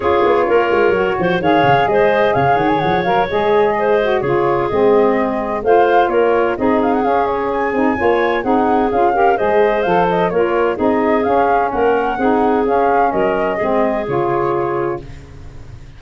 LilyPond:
<<
  \new Staff \with { instrumentName = "flute" } { \time 4/4 \tempo 4 = 128 cis''2. f''4 | dis''4 f''8 fis''16 gis''16 fis''8 f''8 dis''4~ | dis''4 cis''4 dis''2 | f''4 cis''4 dis''8 f''16 fis''16 f''8 cis''8 |
gis''2 fis''4 f''4 | dis''4 f''8 dis''8 cis''4 dis''4 | f''4 fis''2 f''4 | dis''2 cis''2 | }
  \new Staff \with { instrumentName = "clarinet" } { \time 4/4 gis'4 ais'4. c''8 cis''4 | c''4 cis''2. | c''4 gis'2. | c''4 ais'4 gis'2~ |
gis'4 cis''4 gis'4. ais'8 | c''2 ais'4 gis'4~ | gis'4 ais'4 gis'2 | ais'4 gis'2. | }
  \new Staff \with { instrumentName = "saxophone" } { \time 4/4 f'2 fis'4 gis'4~ | gis'2~ gis'8 ais'8 gis'4~ | gis'8 fis'8 f'4 c'2 | f'2 dis'4 cis'4~ |
cis'8 dis'8 f'4 dis'4 f'8 g'8 | gis'4 a'4 f'4 dis'4 | cis'2 dis'4 cis'4~ | cis'4 c'4 f'2 | }
  \new Staff \with { instrumentName = "tuba" } { \time 4/4 cis'8 b8 ais8 gis8 fis8 f8 dis8 cis8 | gis4 cis8 dis8 f8 fis8 gis4~ | gis4 cis4 gis2 | a4 ais4 c'4 cis'4~ |
cis'8 c'8 ais4 c'4 cis'4 | gis4 f4 ais4 c'4 | cis'4 ais4 c'4 cis'4 | fis4 gis4 cis2 | }
>>